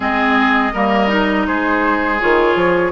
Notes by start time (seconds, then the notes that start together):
0.00 G#3 C4 G#4 D#5
0.73 G3 A#3 A#4
1.07 D#4
1.46 G#3 G#4 C5
2.20 D#3 F4 C#5
2.55 F3